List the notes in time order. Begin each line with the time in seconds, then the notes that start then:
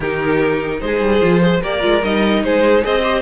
0.00 D#3 D#4 G4 A#4
0.80 G#3 G#4 C5
1.00 G3
1.21 F3 F4
1.41 G#4 C5
1.61 A#3 G4 A#4 D5
1.80 G#3 F4
2.03 G3 D#4 D#5
2.43 G#3 G#4 C5
2.81 C4 G#4 C5 D#5
3.03 G4